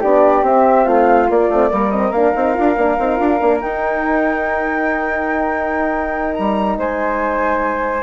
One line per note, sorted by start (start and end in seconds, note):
0.00 0.42 B3
0.00 0.43 D4
0.00 0.85 G4
0.00 0.44 D5
0.42 0.84 C4
0.42 1.27 C4
0.42 0.87 E5
0.85 1.29 A3
0.85 1.69 F4
0.85 1.29 F5
1.27 1.48 A#3
1.27 1.49 A#3
1.27 1.90 D5
1.49 1.70 A3
1.49 1.70 C4
1.70 2.10 G3
1.70 1.91 A#3
1.70 6.79 A#4
1.90 2.13 C4
1.90 2.11 D#5
2.10 2.31 A#3
2.10 2.34 D4
2.10 3.59 F5
2.34 2.56 C4
2.34 2.54 D#4
2.54 2.76 D4
2.54 2.75 F4
2.76 2.98 A#3
2.76 2.99 D4
2.98 3.19 C4
2.98 3.16 D#4
3.16 3.40 D4
3.16 3.37 F4
3.40 3.62 A#3
3.40 3.60 D4
3.60 8.03 D#4
3.60 6.37 D#4
3.60 6.34 G5
6.34 6.77 G3
6.34 6.76 A#5
6.77 8.03 G#3
6.77 8.03 C5
6.77 8.03 G#5